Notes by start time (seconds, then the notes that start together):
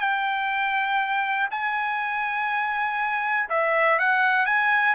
0.00 G5
1.51 G#5
3.50 E5
3.99 F#5
4.46 G#5